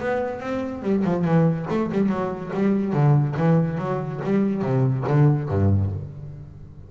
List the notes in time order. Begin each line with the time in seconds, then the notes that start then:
0.00 B3
0.41 C4
0.83 G3
1.05 F3
1.25 E3
1.70 A3
1.92 G3
2.09 F#3
2.54 G3
2.93 D3
3.37 E3
3.79 F#3
4.25 G3
4.62 C3
5.08 D3
5.49 G2